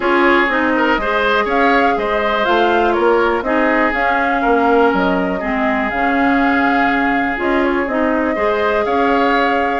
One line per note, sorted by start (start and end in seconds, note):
0.00 0.48 C#4
0.00 0.47 F4
0.00 0.73 G#4
0.00 0.50 C#5
0.48 0.97 C4
0.48 0.98 D#4
0.48 1.48 D#5
0.75 1.00 A#4
0.97 1.45 G#3
0.97 2.44 G#4
0.97 1.45 C5
1.45 1.95 C#4
1.45 1.94 C#5
1.45 1.98 F5
1.97 2.46 G#3
1.97 2.94 C5
1.97 2.45 D#5
2.44 2.97 A3
2.44 3.43 F4
2.44 2.92 F5
2.92 3.41 A#3
2.92 3.43 A#4
2.92 3.41 C#5
3.41 3.91 C4
3.41 3.92 D#4
3.41 4.41 G#4
3.41 3.92 D#5
3.93 4.42 C#4
3.93 5.41 C#4
3.93 4.91 F5
4.41 4.93 A#3
4.41 5.39 A#4
4.93 5.42 F#3
4.93 5.89 D#5
5.39 5.90 G#3
5.39 5.90 C4
5.39 8.34 G#4
5.89 7.37 C#3
5.89 7.36 C#4
5.89 7.37 F5
7.36 7.87 C#4
7.36 7.85 F4
7.36 7.64 D#5
7.64 7.88 C#5
7.87 8.36 C4
7.87 8.35 D#4
7.87 8.84 D#5
8.35 8.85 G#3
8.35 9.80 G#4
8.35 8.84 C5
8.84 9.80 C#4
8.84 9.80 C#5
8.84 9.80 F5